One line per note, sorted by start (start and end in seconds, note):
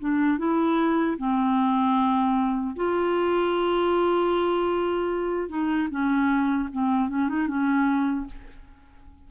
0.00 0.39 D4
0.39 1.18 E4
1.18 2.76 C4
2.76 5.50 F4
5.50 5.89 D#4
5.91 6.70 C#4
6.73 7.09 C4
7.09 7.29 C#4
7.29 7.48 D#4
7.48 8.27 C#4